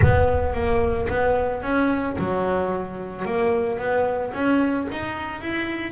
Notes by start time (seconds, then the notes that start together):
0.02 B3
0.53 A#3
1.08 B3
1.62 C#4
2.18 F#3
3.25 A#3
3.78 B3
4.33 C#4
4.91 D#4
5.41 E4